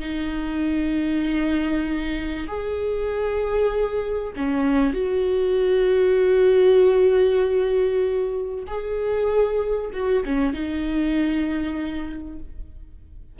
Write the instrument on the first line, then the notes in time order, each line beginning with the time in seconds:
viola
0.00 D#4
2.48 G#4
4.37 C#4
4.94 F#4
8.67 G#4
9.93 F#4
10.25 C#4
10.54 D#4